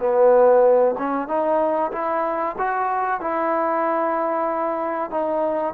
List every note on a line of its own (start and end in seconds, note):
0.00 0.96 B3
0.99 1.28 C#4
1.28 1.92 D#4
1.92 2.56 E4
2.59 3.21 F#4
3.21 5.11 E4
5.11 5.74 D#4